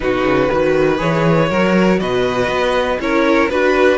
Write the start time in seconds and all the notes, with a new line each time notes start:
0.00 B2 D#4 F#4 B4
0.23 C#3
0.51 D#3 F#4 B4
0.98 E3 G#4 C#5
1.49 F#3 F#4 A#4
1.99 B2 B4 D#5
2.48 B3
2.99 C#4 E4 A#4 C#5
3.48 D4 F#4 B4